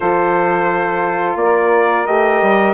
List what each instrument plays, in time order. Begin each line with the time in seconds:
0.00 bassoon F3, horn F4, saxophone A4, trumpet C5
1.35 bassoon A#3, saxophone A#4, trumpet D5
2.06 bassoon A3, horn G4, trumpet D#5
2.41 bassoon G3